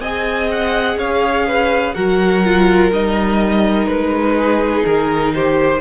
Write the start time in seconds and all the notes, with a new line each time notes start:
0.00 C4 G#4 D#5 G#5
0.52 F#5
0.97 C#4 C#5 F5
1.47 B4
1.94 F#3 F#4 A#4 F#5
2.45 F4
2.92 G3 D#4 D#5
3.87 G#3 B4
4.37 G#4
4.85 D#3 A#4
5.34 G4 C5